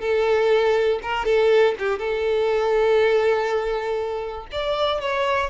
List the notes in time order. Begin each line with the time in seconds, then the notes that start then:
0.00 A4
1.02 A#4
1.25 A4
1.79 G4
1.99 A4
4.51 D5
5.01 C#5